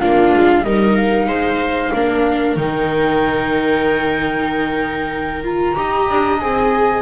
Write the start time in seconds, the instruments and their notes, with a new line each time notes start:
0.00 double bass A#3, viola D4 F4, flute F5
0.35 double bass G#3
0.64 double bass G3, viola D#4 A#4, flute D#5
0.96 flute F5
1.27 double bass G#3, viola C5
1.93 double bass A#3, viola D4 A#4
2.56 double bass D#3, viola D#4, flute G5
5.44 viola F4, flute A#5
5.75 double bass D#4, viola G4 D#5
6.10 double bass D4
6.39 double bass C4, viola G#4, flute G#5